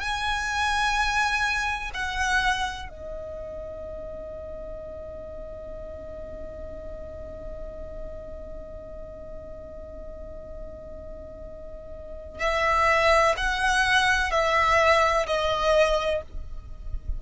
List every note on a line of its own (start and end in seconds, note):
0.00 1.90 G#5
1.94 2.89 F#5
2.89 12.40 D#5
12.40 13.35 E5
13.37 14.31 F#5
14.31 15.26 E5
15.26 16.22 D#5